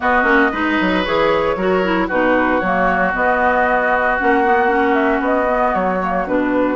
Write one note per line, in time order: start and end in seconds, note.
0.00 0.23 B3
0.00 0.51 F#4
0.00 1.04 D#5
0.23 0.49 A#3
0.23 0.49 C#4
0.51 0.78 G#3
0.51 1.04 D#4
0.51 1.56 B4
0.80 1.06 F#3
1.04 1.56 E3
1.04 1.57 G#4
1.04 2.08 C#5
1.56 2.08 F#3
1.56 1.83 F#4
1.56 2.07 A#4
1.83 2.09 E4
2.07 2.61 B2
2.07 2.62 D#4
2.07 6.76 F#4
2.07 2.60 B4
2.60 3.13 F#3
2.60 3.12 A#3
2.60 3.12 C#5
3.12 4.17 B3
3.12 4.19 B3
3.12 4.16 D#5
4.16 5.20 A#3
4.16 4.44 C#4
4.16 4.93 F#5
4.44 4.67 B3
4.67 5.46 C#4
4.93 5.20 E5
5.20 5.72 B3
5.20 5.74 D#5
5.48 6.00 B3
5.74 6.26 F#3
5.74 6.26 C#5
6.01 6.27 A#3
6.26 6.76 B2
6.26 6.76 D4
6.26 6.76 B4